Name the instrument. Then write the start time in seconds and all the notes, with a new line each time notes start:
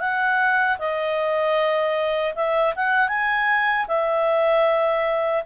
clarinet
0.00 F#5
0.79 D#5
2.36 E5
2.76 F#5
3.09 G#5
3.88 E5